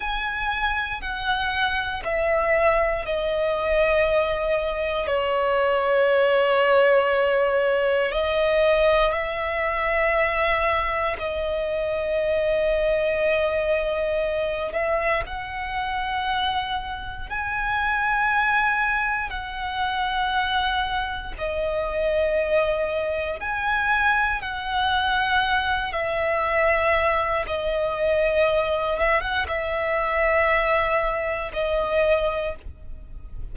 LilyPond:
\new Staff \with { instrumentName = "violin" } { \time 4/4 \tempo 4 = 59 gis''4 fis''4 e''4 dis''4~ | dis''4 cis''2. | dis''4 e''2 dis''4~ | dis''2~ dis''8 e''8 fis''4~ |
fis''4 gis''2 fis''4~ | fis''4 dis''2 gis''4 | fis''4. e''4. dis''4~ | dis''8 e''16 fis''16 e''2 dis''4 | }